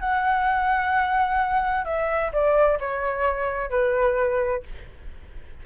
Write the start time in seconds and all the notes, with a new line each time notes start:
0.00 F#5
1.85 E5
2.33 D5
2.80 C#5
3.70 B4